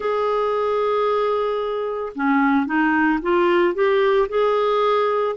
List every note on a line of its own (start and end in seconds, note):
0.00 2.12 G#4
2.15 2.65 C#4
2.65 3.19 D#4
3.21 3.74 F4
3.74 4.28 G4
4.29 5.36 G#4